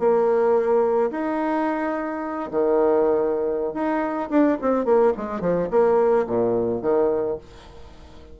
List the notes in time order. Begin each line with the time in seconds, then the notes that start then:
0.00 A#3
1.12 D#4
2.52 D#3
3.74 D#4
4.30 D4
4.62 C4
4.85 A#3
5.17 G#3
5.41 F3
5.71 A#3
6.27 A#2
6.82 D#3